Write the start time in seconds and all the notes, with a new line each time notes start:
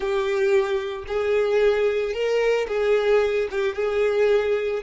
0.00 G4
1.07 G#4
2.13 A#4
2.67 G#4
3.50 G4
3.75 G#4